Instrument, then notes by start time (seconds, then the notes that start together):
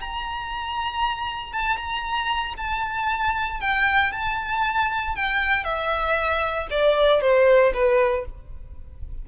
violin
0.00 A#5
1.52 A5
1.76 A#5
2.57 A5
3.60 G5
4.12 A5
5.15 G5
5.64 E5
6.70 D5
7.21 C5
7.73 B4